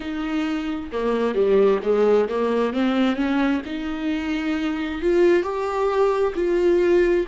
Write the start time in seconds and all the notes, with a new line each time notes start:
0.00 D#4
0.92 A#3
1.34 G3
1.82 G#3
2.29 A#3
2.73 C4
3.16 C#4
3.65 D#4
5.01 F4
5.42 G4
6.35 F4